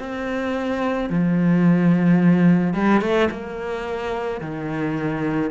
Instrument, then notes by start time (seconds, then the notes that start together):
cello
0.00 C4
1.10 F3
2.74 G3
3.02 A3
3.31 A#3
4.41 D#3